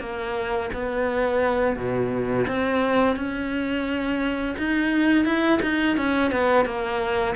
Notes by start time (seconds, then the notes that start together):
0.00 A#3
0.74 B3
1.76 B2
2.48 C4
3.16 C#4
4.58 D#4
5.25 E4
5.63 D#4
5.97 C#4
6.32 B3
6.65 A#3